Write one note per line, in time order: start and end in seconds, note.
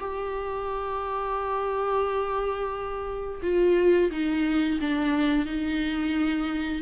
0.00 3.41 G4
3.42 4.11 F4
4.11 4.79 D#4
4.80 5.46 D4
5.46 6.82 D#4